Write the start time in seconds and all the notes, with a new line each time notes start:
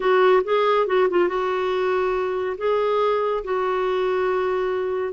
0.00 F#4
0.43 G#4
0.86 F#4
1.09 F4
1.28 F#4
2.57 G#4
3.43 F#4